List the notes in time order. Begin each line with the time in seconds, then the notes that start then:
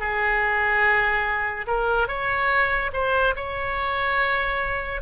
0.00 G#4
1.68 A#4
2.08 C#5
2.94 C5
3.36 C#5